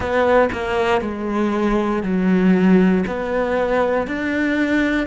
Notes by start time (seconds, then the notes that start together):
0.00 B3
0.52 A#3
1.01 G#3
2.02 F#3
3.06 B3
4.07 D4